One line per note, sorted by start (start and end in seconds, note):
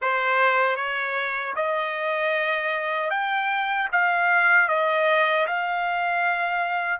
0.01 0.75 C5
0.75 1.53 C#5
1.55 3.10 D#5
3.10 3.88 G5
3.92 4.68 F5
4.68 5.46 D#5
5.46 7.00 F5